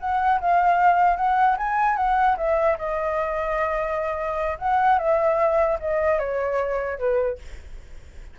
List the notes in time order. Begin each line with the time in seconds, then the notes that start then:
0.00 F#5
0.40 F5
1.16 F#5
1.57 G#5
1.96 F#5
2.37 E5
2.78 D#5
4.59 F#5
4.98 E5
5.80 D#5
6.19 C#5
6.98 B4